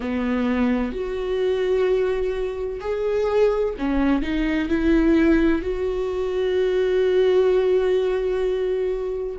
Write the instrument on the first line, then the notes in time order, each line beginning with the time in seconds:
viola
0.00 B3
0.92 F#4
2.80 G#4
3.78 C#4
4.21 D#4
4.69 E4
5.62 F#4